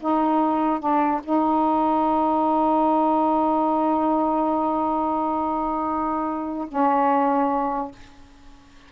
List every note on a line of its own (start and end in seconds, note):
0.00 0.79 D#4
0.79 1.20 D4
1.23 6.68 D#4
6.68 7.91 C#4